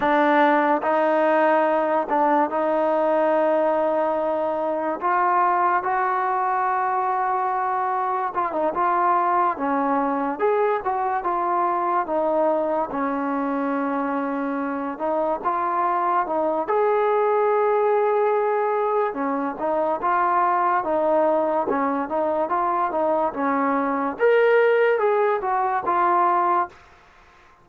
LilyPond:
\new Staff \with { instrumentName = "trombone" } { \time 4/4 \tempo 4 = 72 d'4 dis'4. d'8 dis'4~ | dis'2 f'4 fis'4~ | fis'2 f'16 dis'16 f'4 cis'8~ | cis'8 gis'8 fis'8 f'4 dis'4 cis'8~ |
cis'2 dis'8 f'4 dis'8 | gis'2. cis'8 dis'8 | f'4 dis'4 cis'8 dis'8 f'8 dis'8 | cis'4 ais'4 gis'8 fis'8 f'4 | }